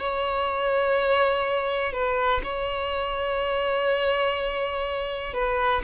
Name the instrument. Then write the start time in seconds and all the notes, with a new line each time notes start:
violin
0.00 C#5
1.93 B4
2.44 C#5
5.34 B4